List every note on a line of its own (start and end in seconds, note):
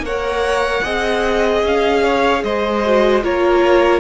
0.00 0.80 A#3
0.00 0.84 C#5
0.00 1.65 F#5
0.06 0.84 A#4
0.84 1.64 C4
0.84 2.83 G#4
0.84 2.04 D#5
1.64 2.44 C#4
1.64 2.44 F5
2.04 2.44 C#5
2.44 3.24 G#3
2.44 3.24 C5
2.44 3.24 D#5
2.85 3.23 F#4
3.23 4.00 A#3
3.23 4.00 F4
3.23 4.00 A#4
3.23 4.00 C#5